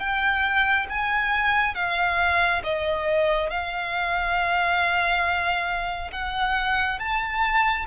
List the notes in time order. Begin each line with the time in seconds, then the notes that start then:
0.00 G5
0.89 G#5
1.75 F5
2.64 D#5
3.50 F5
6.12 F#5
6.99 A5